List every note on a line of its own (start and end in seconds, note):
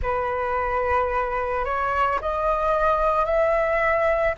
0.02 1.65 B4
1.65 2.19 C#5
2.21 3.25 D#5
3.25 4.34 E5